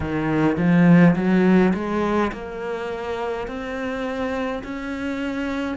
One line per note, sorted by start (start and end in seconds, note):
0.00 0.57 D#3
0.57 1.15 F3
1.15 1.73 F#3
1.74 2.31 G#3
2.32 3.47 A#3
3.47 4.63 C4
4.63 5.77 C#4